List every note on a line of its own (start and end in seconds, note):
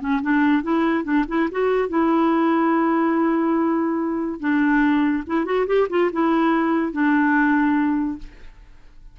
0.00 0.21 C#4
0.22 0.62 D4
0.62 1.04 E4
1.04 1.25 D4
1.28 1.49 E4
1.51 1.88 F#4
1.88 4.40 E4
4.40 5.24 D4
5.27 5.45 E4
5.45 5.66 F#4
5.66 5.87 G4
5.89 6.10 F4
6.12 6.92 E4
6.92 8.18 D4